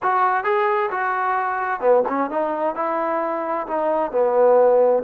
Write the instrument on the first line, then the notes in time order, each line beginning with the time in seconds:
trombone
0.02 F#4
0.44 G#4
0.90 F#4
1.80 B3
2.08 C#4
2.30 D#4
2.75 E4
3.67 D#4
4.11 B3